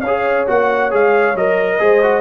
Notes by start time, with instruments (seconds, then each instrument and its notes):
0.00 tuba C#4, horn C#5, trumpet F5
0.07 trombone G#4
0.47 tuba A#3, trombone F#4, trumpet F#5
0.91 tuba G#3, trombone G#4, trumpet F5
1.35 tuba F#3, trombone A#4, trumpet D#5
1.79 tuba G#3, trombone G#4, horn C5
2.02 trombone F#4